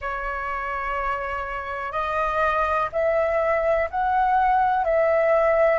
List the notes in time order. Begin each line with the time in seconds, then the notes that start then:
0.01 C#5
1.91 D#5
2.92 E5
3.90 F#5
4.84 E5